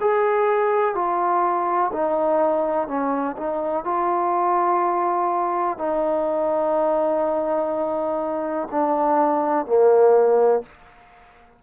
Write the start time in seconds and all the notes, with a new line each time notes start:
0.00 G#4
0.94 F4
1.92 D#4
2.87 C#4
3.37 D#4
3.84 F4
5.78 D#4
8.71 D4
9.66 A#3